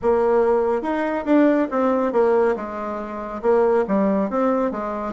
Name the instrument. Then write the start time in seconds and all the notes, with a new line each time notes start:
bassoon
0.02 A#3
0.81 D#4
1.25 D4
1.71 C4
2.12 A#3
2.56 G#3
3.42 A#3
3.87 G3
4.30 C4
4.71 G#3